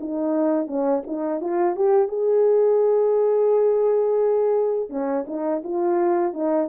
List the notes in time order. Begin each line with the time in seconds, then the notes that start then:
0.00 D#4
0.67 C#4
1.07 D#4
1.41 F4
1.76 G4
2.08 G#4
4.90 C#4
5.27 D#4
5.64 F4
6.33 D#4